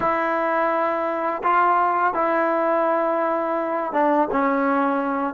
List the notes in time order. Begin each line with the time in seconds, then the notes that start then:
0.00 E4
1.43 F4
2.14 E4
3.93 D4
4.31 C#4